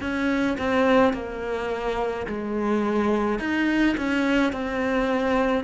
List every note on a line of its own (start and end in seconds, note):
0.00 0.57 C#4
0.58 1.13 C4
1.13 2.26 A#3
2.26 3.39 G#3
3.39 3.96 D#4
3.97 4.52 C#4
4.52 5.63 C4